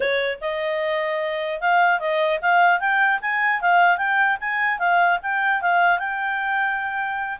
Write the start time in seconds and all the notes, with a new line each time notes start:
0.00 C#5
0.41 D#5
1.60 F5
1.99 D#5
2.41 F5
2.79 G5
3.21 G#5
3.61 F5
3.97 G5
4.40 G#5
4.78 F5
5.22 G5
5.61 F5
5.98 G5